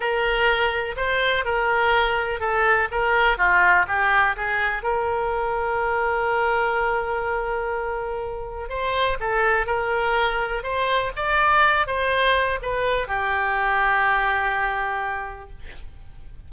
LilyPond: \new Staff \with { instrumentName = "oboe" } { \time 4/4 \tempo 4 = 124 ais'2 c''4 ais'4~ | ais'4 a'4 ais'4 f'4 | g'4 gis'4 ais'2~ | ais'1~ |
ais'2 c''4 a'4 | ais'2 c''4 d''4~ | d''8 c''4. b'4 g'4~ | g'1 | }